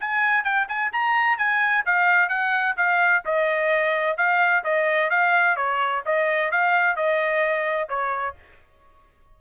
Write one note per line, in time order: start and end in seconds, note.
0.00 0.44 G#5
0.44 0.67 G5
0.68 0.92 G#5
0.92 1.38 A#5
1.38 1.84 G#5
1.85 2.29 F5
2.29 2.75 F#5
2.77 3.23 F5
3.25 4.17 D#5
4.17 4.64 F5
4.64 5.10 D#5
5.10 5.56 F5
5.56 6.03 C#5
6.05 6.51 D#5
6.51 6.96 F5
6.96 7.89 D#5
7.89 8.35 C#5